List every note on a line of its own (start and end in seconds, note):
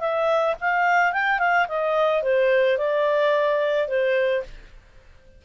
0.00 0.55 E5
0.60 1.13 F5
1.13 1.39 G5
1.39 1.67 F5
1.68 2.23 D#5
2.23 2.78 C5
2.78 3.88 D5
3.88 4.43 C5